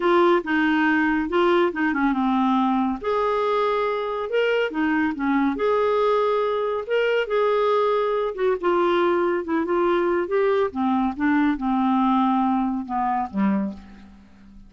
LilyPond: \new Staff \with { instrumentName = "clarinet" } { \time 4/4 \tempo 4 = 140 f'4 dis'2 f'4 | dis'8 cis'8 c'2 gis'4~ | gis'2 ais'4 dis'4 | cis'4 gis'2. |
ais'4 gis'2~ gis'8 fis'8 | f'2 e'8 f'4. | g'4 c'4 d'4 c'4~ | c'2 b4 g4 | }